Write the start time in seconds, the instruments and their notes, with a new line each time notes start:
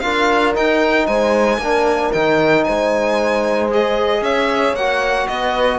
0.00 cello D4, trombone F4, horn A#4, violin F5
0.54 trombone D#4, cello D#4, violin G5
1.07 cello G#3, horn C5, violin G#5
1.58 cello A#3, trombone D4, horn A#4
2.13 cello D#3, trombone D#4, violin G5
2.64 cello G#3, horn C5, violin G#5
3.71 trombone G#4, violin D#5
4.21 cello C#4, horn C#5, violin E5
4.73 cello A#3, trombone F#4, violin F#5
5.28 cello B3, horn B4, violin D#5